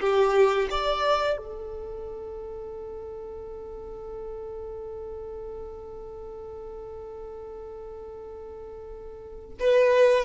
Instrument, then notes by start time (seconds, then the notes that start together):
violin
0.00 G4
0.70 D5
1.37 A4
9.60 B4